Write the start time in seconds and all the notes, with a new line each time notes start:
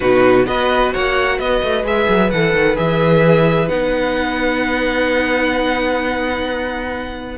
0.00 B2 D#4 F#4 B4
0.45 B3 F#4 B4 D#5
0.93 A#3 C#5 F#5
1.37 B3 B4 D#5
1.62 A3
1.84 G#3 G#4 E5
2.08 F#3
2.30 E3 A4 F#5
2.54 D#3
2.75 E3 G#4 E5
3.67 B3 D#4 F#5